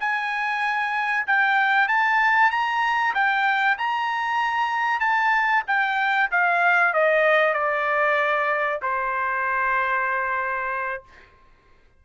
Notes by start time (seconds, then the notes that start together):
0.00 G#5
1.27 G5
1.88 A5
2.51 A#5
3.15 G5
3.78 A#5
5.00 A5
5.67 G5
6.31 F5
6.94 D#5
7.54 D5
8.82 C5